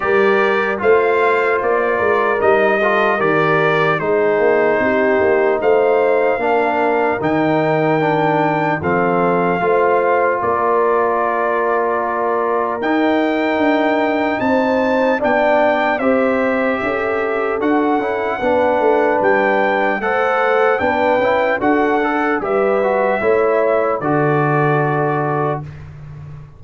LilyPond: <<
  \new Staff \with { instrumentName = "trumpet" } { \time 4/4 \tempo 4 = 75 d''4 f''4 d''4 dis''4 | d''4 c''2 f''4~ | f''4 g''2 f''4~ | f''4 d''2. |
g''2 a''4 g''4 | e''2 fis''2 | g''4 fis''4 g''4 fis''4 | e''2 d''2 | }
  \new Staff \with { instrumentName = "horn" } { \time 4/4 ais'4 c''4. ais'4 a'8 | ais'4 gis'4 g'4 c''4 | ais'2. a'4 | c''4 ais'2.~ |
ais'2 c''4 d''4 | c''4 a'2 b'4~ | b'4 c''4 b'4 a'4 | b'4 cis''4 a'2 | }
  \new Staff \with { instrumentName = "trombone" } { \time 4/4 g'4 f'2 dis'8 f'8 | g'4 dis'2. | d'4 dis'4 d'4 c'4 | f'1 |
dis'2. d'4 | g'2 fis'8 e'8 d'4~ | d'4 a'4 d'8 e'8 fis'8 a'8 | g'8 fis'8 e'4 fis'2 | }
  \new Staff \with { instrumentName = "tuba" } { \time 4/4 g4 a4 ais8 gis8 g4 | dis4 gis8 ais8 c'8 ais8 a4 | ais4 dis2 f4 | a4 ais2. |
dis'4 d'4 c'4 b4 | c'4 cis'4 d'8 cis'8 b8 a8 | g4 a4 b8 cis'8 d'4 | g4 a4 d2 | }
>>